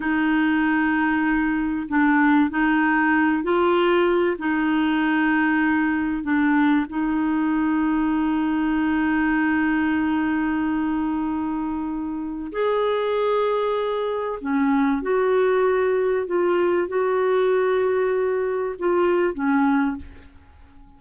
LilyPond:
\new Staff \with { instrumentName = "clarinet" } { \time 4/4 \tempo 4 = 96 dis'2. d'4 | dis'4. f'4. dis'4~ | dis'2 d'4 dis'4~ | dis'1~ |
dis'1 | gis'2. cis'4 | fis'2 f'4 fis'4~ | fis'2 f'4 cis'4 | }